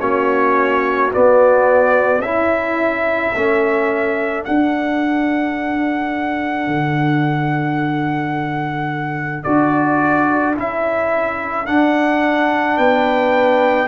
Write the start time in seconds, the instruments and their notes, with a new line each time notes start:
0.00 tuba A#3, trombone C#4, horn F#4, trumpet C#5
1.12 trombone B3, tuba B3, trumpet D5
2.20 tuba C#4, trombone E4, horn E4, trumpet E5
3.35 tuba A3, trombone C#4, horn A4
4.45 trombone D4, tuba D4, trumpet F#5
6.68 tuba D3
9.44 tuba D4, trombone F#4, trumpet D5
10.56 tuba C#4, trombone E4, trumpet E5
11.67 trombone D4, tuba D4, trumpet F#5
12.77 tuba B3, horn B4, trumpet G5